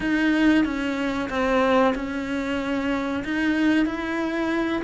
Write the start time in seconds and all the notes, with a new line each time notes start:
0.00 D#4
0.64 C#4
1.29 C4
1.94 C#4
3.24 D#4
3.85 E4